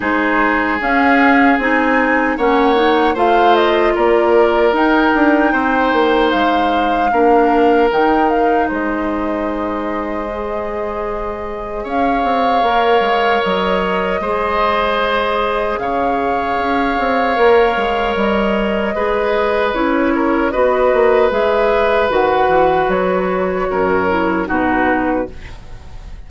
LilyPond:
<<
  \new Staff \with { instrumentName = "flute" } { \time 4/4 \tempo 4 = 76 c''4 f''4 gis''4 fis''4 | f''8 dis''8 d''4 g''2 | f''2 g''8 f''8 dis''4~ | dis''2. f''4~ |
f''4 dis''2. | f''2. dis''4~ | dis''4 cis''4 dis''4 e''4 | fis''4 cis''2 b'4 | }
  \new Staff \with { instrumentName = "oboe" } { \time 4/4 gis'2. cis''4 | c''4 ais'2 c''4~ | c''4 ais'2 c''4~ | c''2. cis''4~ |
cis''2 c''2 | cis''1 | b'4. ais'8 b'2~ | b'2 ais'4 fis'4 | }
  \new Staff \with { instrumentName = "clarinet" } { \time 4/4 dis'4 cis'4 dis'4 cis'8 dis'8 | f'2 dis'2~ | dis'4 d'4 dis'2~ | dis'4 gis'2. |
ais'2 gis'2~ | gis'2 ais'2 | gis'4 e'4 fis'4 gis'4 | fis'2~ fis'8 e'8 dis'4 | }
  \new Staff \with { instrumentName = "bassoon" } { \time 4/4 gis4 cis'4 c'4 ais4 | a4 ais4 dis'8 d'8 c'8 ais8 | gis4 ais4 dis4 gis4~ | gis2. cis'8 c'8 |
ais8 gis8 fis4 gis2 | cis4 cis'8 c'8 ais8 gis8 g4 | gis4 cis'4 b8 ais8 gis4 | dis8 e8 fis4 fis,4 b,4 | }
>>